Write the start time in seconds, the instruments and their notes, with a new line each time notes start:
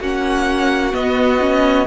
0.00 cello A#3, viola C#4, violin F#4 F#5
0.92 viola B3, cello B3, violin D#5
1.40 viola C#4